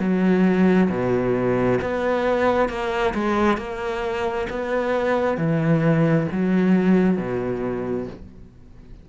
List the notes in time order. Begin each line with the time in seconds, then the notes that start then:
0.00 F#3
0.90 B2
1.82 B3
2.70 A#3
3.15 G#3
3.58 A#3
4.50 B3
5.38 E3
6.32 F#3
7.18 B2